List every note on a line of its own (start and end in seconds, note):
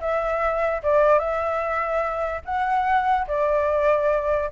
0.00 0.82 E5
0.83 1.19 D5
1.19 2.41 E5
2.45 3.26 F#5
3.27 4.50 D5